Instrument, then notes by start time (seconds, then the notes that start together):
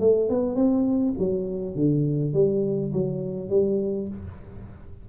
tuba
0.00 A3
0.29 B3
0.55 C4
1.19 F#3
1.75 D3
2.34 G3
2.93 F#3
3.49 G3